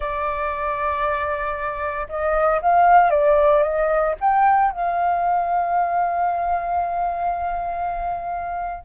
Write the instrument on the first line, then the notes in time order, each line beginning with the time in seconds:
flute
0.00 D5
2.08 D#5
2.61 F5
3.10 D5
3.62 D#5
4.20 G5
4.71 F5